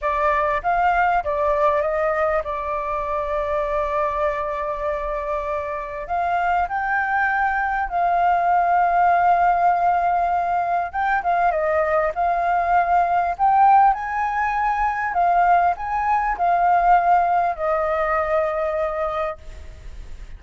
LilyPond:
\new Staff \with { instrumentName = "flute" } { \time 4/4 \tempo 4 = 99 d''4 f''4 d''4 dis''4 | d''1~ | d''2 f''4 g''4~ | g''4 f''2.~ |
f''2 g''8 f''8 dis''4 | f''2 g''4 gis''4~ | gis''4 f''4 gis''4 f''4~ | f''4 dis''2. | }